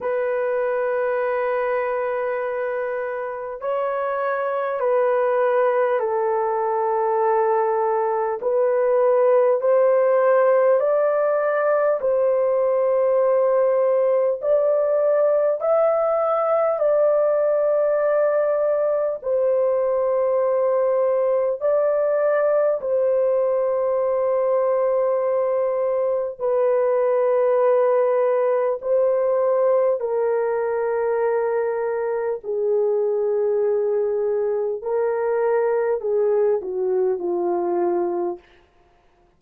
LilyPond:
\new Staff \with { instrumentName = "horn" } { \time 4/4 \tempo 4 = 50 b'2. cis''4 | b'4 a'2 b'4 | c''4 d''4 c''2 | d''4 e''4 d''2 |
c''2 d''4 c''4~ | c''2 b'2 | c''4 ais'2 gis'4~ | gis'4 ais'4 gis'8 fis'8 f'4 | }